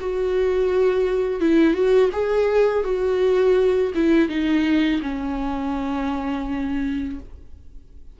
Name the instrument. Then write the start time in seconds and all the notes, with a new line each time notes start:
viola
0.00 F#4
1.40 E4
1.73 F#4
2.12 G#4
2.84 F#4
3.94 E4
4.28 D#4
5.02 C#4